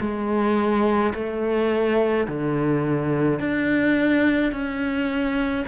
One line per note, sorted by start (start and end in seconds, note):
0.00 1.13 G#3
1.14 2.27 A3
2.27 3.40 D3
3.40 4.52 D4
4.52 5.65 C#4